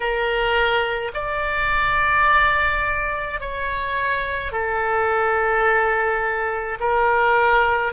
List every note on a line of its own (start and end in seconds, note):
0.00 1.11 A#4
1.14 3.40 D5
3.40 4.52 C#5
4.52 6.78 A4
6.80 7.92 A#4